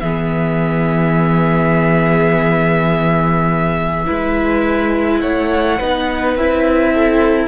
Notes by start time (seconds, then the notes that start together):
0.00 E3 B3 G#4 E5
4.06 G#3 E4 B4
5.21 A3 C#5 F#5
5.79 B3 D#4 B4
6.36 C4 E4 E5
6.93 A4